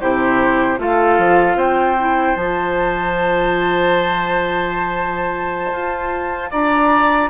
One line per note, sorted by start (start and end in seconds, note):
0.00 0.78 C3
0.00 0.78 E4
0.00 0.79 G4
0.00 0.79 C5
0.78 1.18 A3
0.78 1.96 F4
0.78 1.57 A4
0.78 1.59 F5
1.18 1.56 F3
1.56 2.35 C4
1.56 6.50 C5
1.56 2.36 G5
1.99 2.37 E4
2.36 5.71 F3
2.36 7.30 F4
2.36 6.51 A5
5.72 6.51 F4
6.51 7.30 D4
6.51 7.30 D5
6.51 7.30 A#5